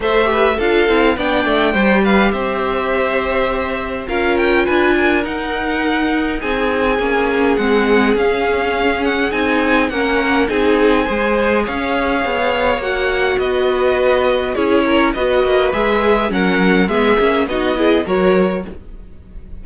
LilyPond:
<<
  \new Staff \with { instrumentName = "violin" } { \time 4/4 \tempo 4 = 103 e''4 f''4 g''4. f''8 | e''2. f''8 g''8 | gis''4 fis''2 gis''4~ | gis''4 fis''4 f''4. fis''8 |
gis''4 fis''4 gis''2 | f''2 fis''4 dis''4~ | dis''4 cis''4 dis''4 e''4 | fis''4 e''4 dis''4 cis''4 | }
  \new Staff \with { instrumentName = "violin" } { \time 4/4 c''8 b'8 a'4 d''4 c''8 b'8 | c''2. ais'4 | b'8 ais'2~ ais'8 gis'4~ | gis'1~ |
gis'4 ais'4 gis'4 c''4 | cis''2. b'4~ | b'4 gis'8 ais'8 b'2 | ais'4 gis'4 fis'8 gis'8 ais'4 | }
  \new Staff \with { instrumentName = "viola" } { \time 4/4 a'8 g'8 f'8 e'8 d'4 g'4~ | g'2. f'4~ | f'4 dis'2. | cis'4 c'4 cis'2 |
dis'4 cis'4 dis'4 gis'4~ | gis'2 fis'2~ | fis'4 e'4 fis'4 gis'4 | cis'4 b8 cis'8 dis'8 e'8 fis'4 | }
  \new Staff \with { instrumentName = "cello" } { \time 4/4 a4 d'8 c'8 b8 a8 g4 | c'2. cis'4 | d'4 dis'2 c'4 | ais4 gis4 cis'2 |
c'4 ais4 c'4 gis4 | cis'4 b4 ais4 b4~ | b4 cis'4 b8 ais8 gis4 | fis4 gis8 ais8 b4 fis4 | }
>>